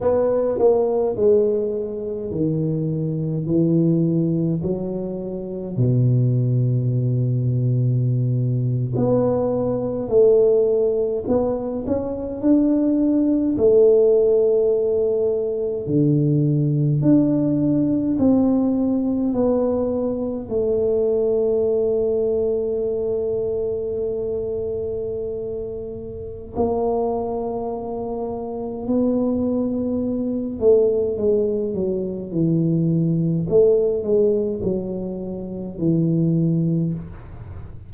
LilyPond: \new Staff \with { instrumentName = "tuba" } { \time 4/4 \tempo 4 = 52 b8 ais8 gis4 dis4 e4 | fis4 b,2~ b,8. b16~ | b8. a4 b8 cis'8 d'4 a16~ | a4.~ a16 d4 d'4 c'16~ |
c'8. b4 a2~ a16~ | a2. ais4~ | ais4 b4. a8 gis8 fis8 | e4 a8 gis8 fis4 e4 | }